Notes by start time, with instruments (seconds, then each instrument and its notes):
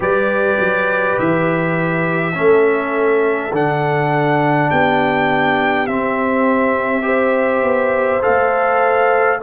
0.00 tuba G3, trombone G4, horn B4, trumpet D5
0.59 tuba F#3
1.18 tuba E3, trumpet E5
2.33 tuba A3, trombone C#4, horn A4
3.52 tuba D3, trombone D4, trumpet F#5
4.70 tuba B3, horn G4, trumpet G5
5.87 tuba C4, trombone C4, trumpet E5
7.02 trombone G4, horn C5
7.62 tuba B3
8.21 tuba A3, trombone A4, trumpet F5